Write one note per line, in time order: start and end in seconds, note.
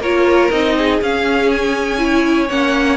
0.00 0.50 A#3
0.00 0.52 F4
0.00 0.75 A#4
0.00 0.51 C#5
0.51 1.01 C4
0.51 1.01 D#4
0.51 1.00 D#5
0.78 2.02 G#4
1.02 2.50 C#4
1.02 1.98 C#4
1.02 1.51 F5
1.51 2.50 G#5
1.98 2.47 E4
1.98 2.97 C#5
2.49 2.97 A#3
2.49 2.97 C#4
2.49 2.97 F#5